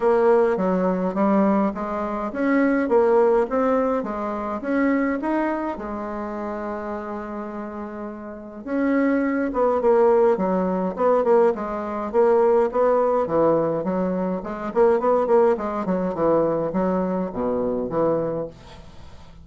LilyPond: \new Staff \with { instrumentName = "bassoon" } { \time 4/4 \tempo 4 = 104 ais4 fis4 g4 gis4 | cis'4 ais4 c'4 gis4 | cis'4 dis'4 gis2~ | gis2. cis'4~ |
cis'8 b8 ais4 fis4 b8 ais8 | gis4 ais4 b4 e4 | fis4 gis8 ais8 b8 ais8 gis8 fis8 | e4 fis4 b,4 e4 | }